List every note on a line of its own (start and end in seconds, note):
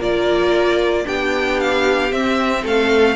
0.00 1.06 A#3
0.00 1.05 F4
0.00 1.05 A#4
0.00 1.07 D5
1.05 2.12 B3
1.05 2.10 D4
1.05 2.63 G4
1.05 1.60 G5
1.60 2.12 F5
2.12 2.64 C4
2.12 3.16 C4
2.12 2.65 E5
2.63 3.16 A3
2.63 3.15 A4
2.63 3.16 F5